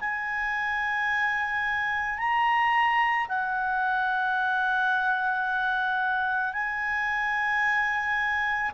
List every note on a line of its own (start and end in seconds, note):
0.00 2.18 G#5
2.18 3.27 A#5
3.29 6.53 F#5
6.53 8.71 G#5